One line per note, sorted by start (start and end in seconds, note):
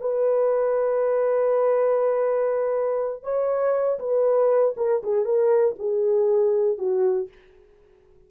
0.00 3.23 B4
3.23 3.99 C#5
3.99 4.75 B4
4.76 5.01 A#4
5.03 5.24 G#4
5.24 5.75 A#4
5.78 6.78 G#4
6.78 7.28 F#4